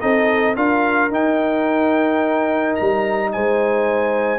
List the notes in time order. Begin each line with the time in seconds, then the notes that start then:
0.00 C4 D#4 A4 D#5
0.55 D4 F4 A#4 F5
1.10 D#4 G5
2.75 G3 A#5
3.32 G#3 C5 G#5